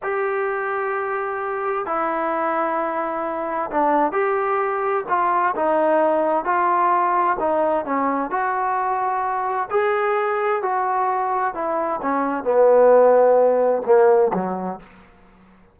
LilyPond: \new Staff \with { instrumentName = "trombone" } { \time 4/4 \tempo 4 = 130 g'1 | e'1 | d'4 g'2 f'4 | dis'2 f'2 |
dis'4 cis'4 fis'2~ | fis'4 gis'2 fis'4~ | fis'4 e'4 cis'4 b4~ | b2 ais4 fis4 | }